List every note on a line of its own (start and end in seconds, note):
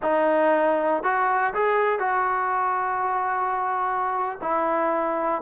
0.02 1.03 D#4
1.03 1.53 F#4
1.54 1.99 G#4
1.99 4.38 F#4
4.41 5.42 E4